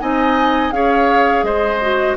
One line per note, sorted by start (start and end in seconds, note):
0.00 0.71 C4
0.00 0.72 D#4
0.00 0.74 D#5
0.00 0.71 G#5
0.71 1.42 C#4
0.71 1.81 G#4
0.71 1.45 C#5
0.71 1.44 F5
1.42 2.15 G#3
1.42 2.17 C5
1.42 2.16 D#5
1.81 2.17 F#4